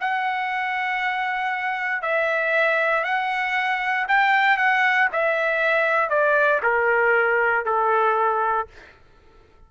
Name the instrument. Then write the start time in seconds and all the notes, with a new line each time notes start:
trumpet
0.00 F#5
2.02 E5
3.03 F#5
4.08 G5
4.57 F#5
5.12 E5
6.09 D5
6.62 A#4
7.65 A4